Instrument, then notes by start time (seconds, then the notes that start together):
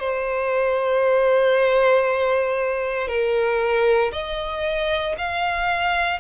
violin
0.00 C5
3.08 A#4
4.12 D#5
5.18 F5